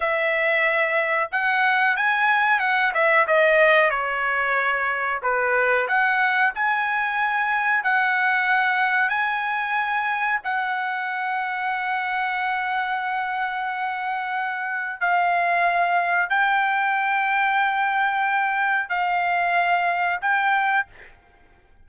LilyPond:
\new Staff \with { instrumentName = "trumpet" } { \time 4/4 \tempo 4 = 92 e''2 fis''4 gis''4 | fis''8 e''8 dis''4 cis''2 | b'4 fis''4 gis''2 | fis''2 gis''2 |
fis''1~ | fis''2. f''4~ | f''4 g''2.~ | g''4 f''2 g''4 | }